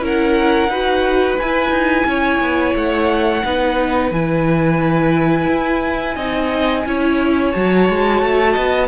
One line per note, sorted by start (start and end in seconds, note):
0.00 0.68 C#4
0.00 0.69 E4
0.00 0.70 A#4
0.00 1.38 F#5
0.68 1.37 D#4
0.68 1.39 F#4
0.68 2.06 B4
1.38 1.70 E4
1.38 3.44 E4
1.38 2.75 G#5
1.70 2.04 D#4
2.06 2.40 C#4
2.06 3.45 C#5
2.40 2.75 B3
2.75 3.43 A3
2.75 4.12 F#5
3.44 4.11 B3
3.44 4.12 D#4
3.44 6.16 B4
4.11 5.47 E3
4.11 6.17 E4
4.11 7.52 G#5
5.48 6.16 E4
6.16 6.85 C4
6.16 6.85 D#4
6.16 6.84 D#5
6.86 7.54 C#4
6.86 7.54 E4
6.86 8.52 C#5
7.52 7.89 F#3
7.52 8.88 F#4
7.52 8.88 A5
7.89 8.22 G#3
8.22 8.56 A3
8.52 8.88 B3
8.52 8.86 D#5